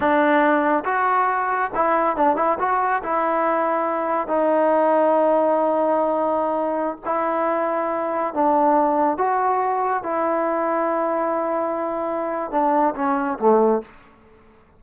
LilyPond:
\new Staff \with { instrumentName = "trombone" } { \time 4/4 \tempo 4 = 139 d'2 fis'2 | e'4 d'8 e'8 fis'4 e'4~ | e'2 dis'2~ | dis'1~ |
dis'16 e'2. d'8.~ | d'4~ d'16 fis'2 e'8.~ | e'1~ | e'4 d'4 cis'4 a4 | }